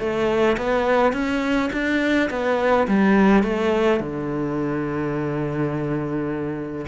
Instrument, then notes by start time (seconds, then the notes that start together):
cello
0.00 A3
0.58 B3
1.13 C#4
1.73 D4
2.30 B3
2.88 G3
3.44 A3
4.01 D3